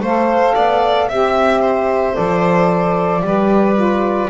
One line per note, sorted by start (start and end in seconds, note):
0.00 0.54 A3
0.00 1.10 A4
0.00 0.55 C5
0.00 1.09 F5
0.55 1.09 B3
0.55 1.08 D5
1.08 2.17 C4
1.08 2.13 G4
1.08 1.61 E5
1.08 2.15 E5
1.61 3.21 C5
2.13 3.21 F3
2.13 3.21 A4
2.13 4.30 D5
3.21 4.29 G3
3.21 3.75 G4
3.21 4.30 B4
3.75 4.28 F4